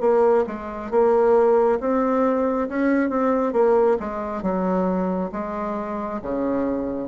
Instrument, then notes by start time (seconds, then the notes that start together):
bassoon
0.00 A#3
0.47 G#3
0.91 A#3
1.80 C4
2.69 C#4
3.10 C4
3.53 A#3
3.99 G#3
4.42 F#3
5.32 G#3
6.22 C#3